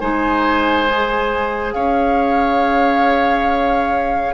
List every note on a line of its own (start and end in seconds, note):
0.00 1.75 G#3
0.00 0.88 D#4
0.00 1.75 C5
0.00 1.73 G#5
0.89 4.34 G#4
1.73 4.34 C#4
1.73 4.34 C#5
1.73 4.34 F5